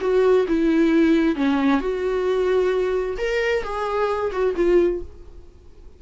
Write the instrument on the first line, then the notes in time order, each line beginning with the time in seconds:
viola
0.00 F#4
0.48 E4
1.35 C#4
1.80 F#4
3.17 A#4
3.63 G#4
4.31 F#4
4.56 F4